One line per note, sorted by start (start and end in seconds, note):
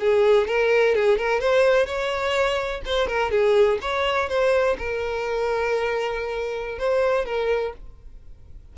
0.00 0.47 G#4
0.47 0.95 A#4
0.95 1.18 G#4
1.18 1.40 A#4
1.40 1.86 C5
1.86 2.82 C#5
2.85 3.08 C5
3.08 3.31 A#4
3.31 3.79 G#4
3.82 4.29 C#5
4.29 4.77 C5
4.79 6.79 A#4
6.79 7.26 C5
7.26 7.73 A#4